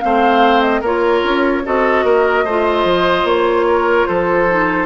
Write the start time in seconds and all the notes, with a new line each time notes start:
0.00 A3 C4 C5 F5
0.61 D#5
0.81 A#3 F4 A#4 C#5
1.23 C#4
1.64 C4 F#4 A4 D#5
2.03 A#3 A#4
2.44 A3 F4 C5
2.84 F3
3.24 A#3 C#5
3.67 A#4
4.07 F3 A4 C5
4.49 D#4